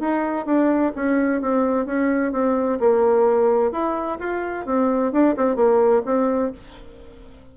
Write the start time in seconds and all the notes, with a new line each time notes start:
0.00 D#4
0.46 D4
0.96 C#4
1.42 C4
1.86 C#4
2.33 C4
2.80 A#3
3.72 E4
4.20 F4
4.66 C4
5.12 D4
5.37 C4
5.56 A#3
6.05 C4